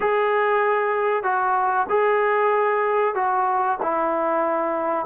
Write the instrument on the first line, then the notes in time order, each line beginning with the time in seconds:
trombone
0.00 G#4
1.23 F#4
1.89 G#4
3.14 F#4
3.82 E4